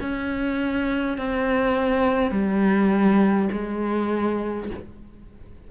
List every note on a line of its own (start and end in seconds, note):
0.00 1.18 C#4
1.18 2.31 C4
2.31 3.49 G3
3.52 4.70 G#3